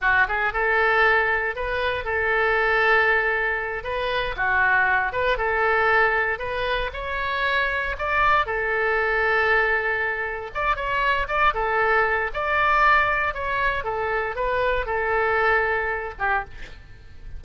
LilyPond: \new Staff \with { instrumentName = "oboe" } { \time 4/4 \tempo 4 = 117 fis'8 gis'8 a'2 b'4 | a'2.~ a'8 b'8~ | b'8 fis'4. b'8 a'4.~ | a'8 b'4 cis''2 d''8~ |
d''8 a'2.~ a'8~ | a'8 d''8 cis''4 d''8 a'4. | d''2 cis''4 a'4 | b'4 a'2~ a'8 g'8 | }